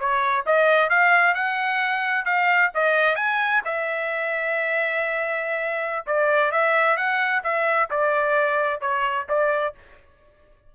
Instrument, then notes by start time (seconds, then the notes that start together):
trumpet
0.00 C#5
0.46 D#5
0.90 F5
1.35 F#5
2.25 F5
2.75 D#5
3.16 G#5
3.65 E5
6.07 D5
6.52 E5
6.97 F#5
7.44 E5
7.91 D5
8.81 C#5
9.29 D5